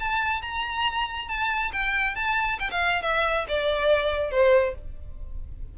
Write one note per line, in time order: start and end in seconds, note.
0.00 0.42 A5
0.42 1.28 A#5
1.28 1.72 A5
1.73 2.16 G5
2.16 2.59 A5
2.60 2.71 G5
2.72 3.03 F5
3.03 3.46 E5
3.48 4.31 D5
4.31 4.75 C5